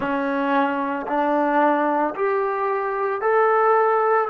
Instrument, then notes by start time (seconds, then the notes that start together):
trombone
0.00 C#4
1.07 D4
2.15 G4
3.21 A4